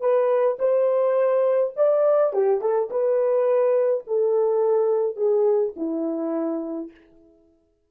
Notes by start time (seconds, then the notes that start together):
0.00 B4
0.59 C5
1.76 D5
2.32 G4
2.61 A4
2.90 B4
4.06 A4
5.16 G#4
5.76 E4